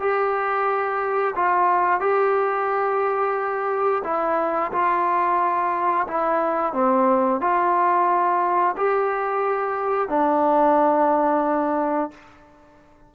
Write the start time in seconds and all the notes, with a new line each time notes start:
0.00 G4
1.36 F4
2.01 G4
4.04 E4
4.73 F4
6.08 E4
6.74 C4
7.41 F4
8.77 G4
10.09 D4